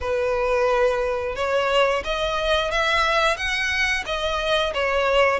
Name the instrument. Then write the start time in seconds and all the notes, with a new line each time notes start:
violin
0.01 B4
1.35 C#5
2.04 D#5
2.71 E5
3.36 F#5
4.05 D#5
4.73 C#5